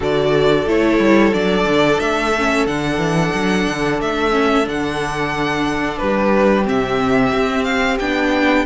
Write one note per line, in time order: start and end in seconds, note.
0.00 0.66 D3
0.00 0.66 F#4
0.00 6.00 A4
0.00 0.68 D5
0.66 0.99 A3
0.66 1.33 E4
0.66 1.33 C#5
0.99 1.32 G3
1.33 1.65 F#3
1.33 2.33 D4
1.33 1.99 D5
1.65 1.98 D3
1.99 2.66 A3
1.99 2.66 E5
2.38 2.67 C#4
2.66 2.97 D3
2.66 4.31 D4
2.66 4.00 F#5
2.97 3.30 E3
3.34 3.67 F#3
3.67 4.00 D3
4.00 4.67 A3
4.00 4.67 E5
4.31 4.63 C#4
4.63 6.00 D3
4.63 6.63 D4
4.63 5.97 F#5
5.97 6.67 G3
5.97 8.65 G4
5.97 6.64 B4
6.64 7.32 C3
6.64 7.97 C4
6.64 7.63 E5
7.32 7.99 C4
7.63 7.97 F5
7.99 8.65 B3
7.99 8.65 D4
7.99 8.65 G5